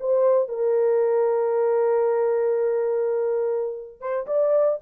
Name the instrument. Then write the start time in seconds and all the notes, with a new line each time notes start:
horn
0.00 C5
0.49 A#4
4.01 C5
4.27 D5